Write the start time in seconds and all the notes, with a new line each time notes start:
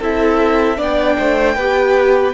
0.00 C4 E4 A4 E5
0.77 B3 D4 D5 G5
1.19 A3 C5
1.56 B3 G4 B4